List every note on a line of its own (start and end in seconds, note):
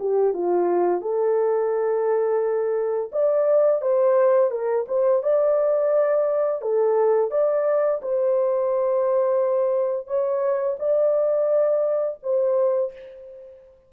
0.00 0.34 G4
0.34 1.02 F4
1.02 3.11 A4
3.13 3.82 D5
3.82 4.51 C5
4.51 4.86 A#4
4.89 5.24 C5
5.24 6.62 D5
6.62 7.31 A4
7.31 8.01 D5
8.02 10.08 C5
10.08 10.77 C#5
10.80 12.19 D5
12.23 12.93 C5